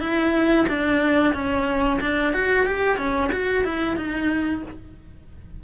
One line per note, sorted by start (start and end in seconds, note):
0.00 0.66 E4
0.69 1.34 D4
1.34 2.00 C#4
2.00 2.33 D4
2.33 2.66 F#4
2.66 2.98 G4
2.98 3.31 C#4
3.32 3.64 F#4
3.64 3.97 E4
3.97 4.63 D#4